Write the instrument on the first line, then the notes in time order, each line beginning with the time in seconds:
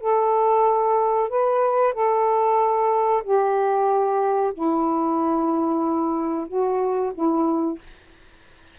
saxophone
0.00 A4
1.29 B4
1.93 A4
3.23 G4
4.53 E4
6.47 F#4
7.14 E4